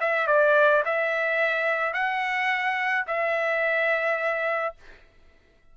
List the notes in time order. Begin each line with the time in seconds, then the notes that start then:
0.00 E5
0.27 D5
0.85 E5
1.93 F#5
3.07 E5